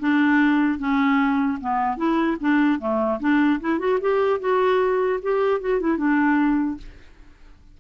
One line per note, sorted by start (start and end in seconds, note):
0.00 0.78 D4
0.78 1.58 C#4
1.61 1.97 B3
1.97 2.37 E4
2.40 2.79 D4
2.79 3.19 A3
3.20 3.60 D4
3.60 3.79 E4
3.79 3.99 F#4
4.01 4.40 G4
4.40 5.20 F#4
5.22 5.61 G4
5.61 5.81 F#4
5.81 5.97 E4
5.97 6.77 D4